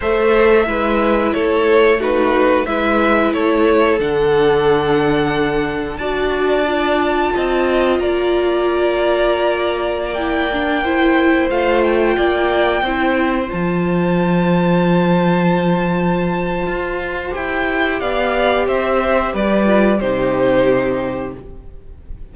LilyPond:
<<
  \new Staff \with { instrumentName = "violin" } { \time 4/4 \tempo 4 = 90 e''2 cis''4 b'4 | e''4 cis''4 fis''2~ | fis''4 a''2. | ais''2.~ ais''16 g''8.~ |
g''4~ g''16 f''8 g''2~ g''16~ | g''16 a''2.~ a''8.~ | a''2 g''4 f''4 | e''4 d''4 c''2 | }
  \new Staff \with { instrumentName = "violin" } { \time 4/4 c''4 b'4 a'4 fis'4 | b'4 a'2.~ | a'4 d''2 dis''4 | d''1~ |
d''16 c''2 d''4 c''8.~ | c''1~ | c''2. d''4 | c''4 b'4 g'2 | }
  \new Staff \with { instrumentName = "viola" } { \time 4/4 a'4 e'2 dis'4 | e'2 d'2~ | d'4 fis'4 f'2~ | f'2.~ f'16 e'8 d'16~ |
d'16 e'4 f'2 e'8.~ | e'16 f'2.~ f'8.~ | f'2 g'2~ | g'4. f'8 dis'2 | }
  \new Staff \with { instrumentName = "cello" } { \time 4/4 a4 gis4 a2 | gis4 a4 d2~ | d4 d'2 c'4 | ais1~ |
ais4~ ais16 a4 ais4 c'8.~ | c'16 f2.~ f8.~ | f4 f'4 e'4 b4 | c'4 g4 c2 | }
>>